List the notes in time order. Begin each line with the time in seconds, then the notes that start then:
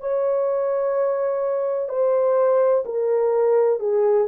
0.00 C#5
1.89 C5
2.85 A#4
3.80 G#4